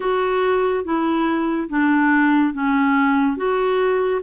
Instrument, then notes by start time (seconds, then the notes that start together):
clarinet
0.00 F#4
0.84 E4
1.69 D4
2.53 C#4
3.36 F#4